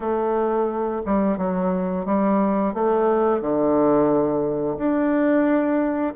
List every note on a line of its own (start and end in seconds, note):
0.00 1.02 A3
1.05 1.37 G3
1.37 2.05 F#3
2.05 2.73 G3
2.74 3.41 A3
3.41 4.77 D3
4.77 6.14 D4